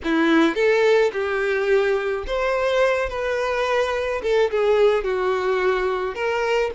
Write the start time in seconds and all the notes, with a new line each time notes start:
0.04 E4
0.55 A4
1.12 G4
2.26 C5
3.09 B4
4.22 A4
4.51 G#4
5.04 F#4
6.14 A#4